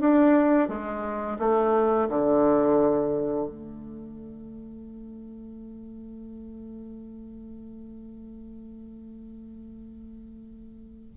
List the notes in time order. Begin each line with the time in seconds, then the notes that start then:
0.00 D4
0.68 G#3
1.39 A3
2.09 D3
3.48 A3